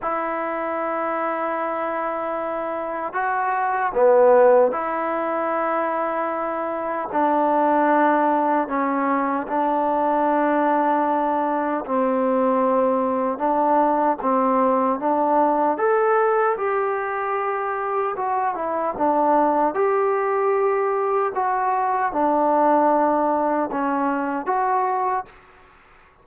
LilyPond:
\new Staff \with { instrumentName = "trombone" } { \time 4/4 \tempo 4 = 76 e'1 | fis'4 b4 e'2~ | e'4 d'2 cis'4 | d'2. c'4~ |
c'4 d'4 c'4 d'4 | a'4 g'2 fis'8 e'8 | d'4 g'2 fis'4 | d'2 cis'4 fis'4 | }